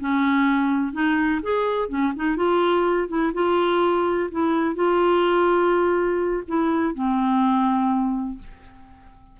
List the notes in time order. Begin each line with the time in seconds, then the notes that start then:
0.00 C#4
0.93 D#4
1.43 G#4
1.89 C#4
2.16 D#4
2.37 F4
3.09 E4
3.34 F4
4.31 E4
4.76 F4
6.48 E4
6.95 C4